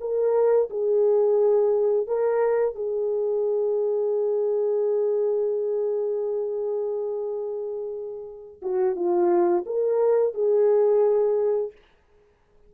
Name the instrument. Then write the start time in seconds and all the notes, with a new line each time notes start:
horn
0.00 A#4
0.69 G#4
2.07 A#4
2.75 G#4
8.61 F#4
8.95 F4
9.66 A#4
10.34 G#4